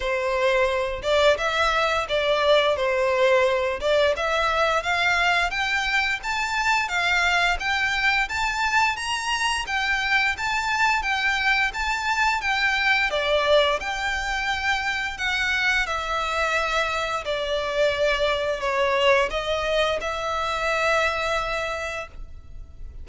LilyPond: \new Staff \with { instrumentName = "violin" } { \time 4/4 \tempo 4 = 87 c''4. d''8 e''4 d''4 | c''4. d''8 e''4 f''4 | g''4 a''4 f''4 g''4 | a''4 ais''4 g''4 a''4 |
g''4 a''4 g''4 d''4 | g''2 fis''4 e''4~ | e''4 d''2 cis''4 | dis''4 e''2. | }